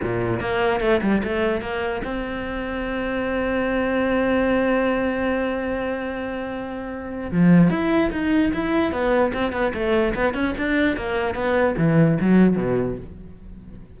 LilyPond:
\new Staff \with { instrumentName = "cello" } { \time 4/4 \tempo 4 = 148 ais,4 ais4 a8 g8 a4 | ais4 c'2.~ | c'1~ | c'1~ |
c'2 f4 e'4 | dis'4 e'4 b4 c'8 b8 | a4 b8 cis'8 d'4 ais4 | b4 e4 fis4 b,4 | }